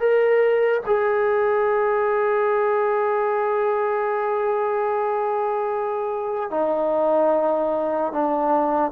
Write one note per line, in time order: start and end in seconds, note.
0.00 0.81 A#4
0.87 6.51 G#4
6.51 8.13 D#4
8.13 8.92 D4